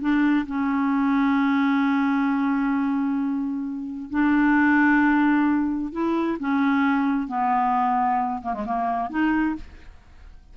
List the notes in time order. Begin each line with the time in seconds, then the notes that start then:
0.00 D4
0.46 C#4
4.10 D4
5.92 E4
6.39 C#4
7.27 B3
8.42 A#3
8.53 G#3
8.65 A#3
9.10 D#4